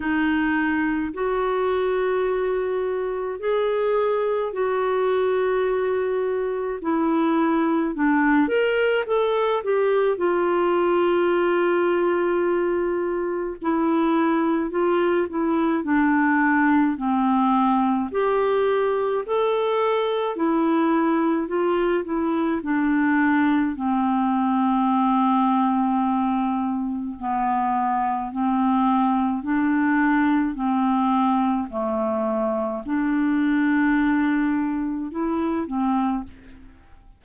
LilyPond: \new Staff \with { instrumentName = "clarinet" } { \time 4/4 \tempo 4 = 53 dis'4 fis'2 gis'4 | fis'2 e'4 d'8 ais'8 | a'8 g'8 f'2. | e'4 f'8 e'8 d'4 c'4 |
g'4 a'4 e'4 f'8 e'8 | d'4 c'2. | b4 c'4 d'4 c'4 | a4 d'2 e'8 c'8 | }